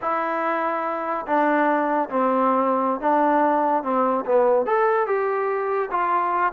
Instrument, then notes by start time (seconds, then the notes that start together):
trombone
0.01 E4
1.26 D4
2.09 C4
3.00 D4
3.83 C4
4.25 B3
4.66 A4
5.07 G4
5.91 F4